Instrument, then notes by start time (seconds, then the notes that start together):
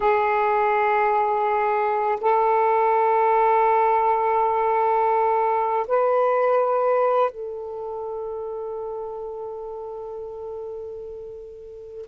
saxophone
0.00 G#4
2.20 A4
5.87 B4
7.30 A4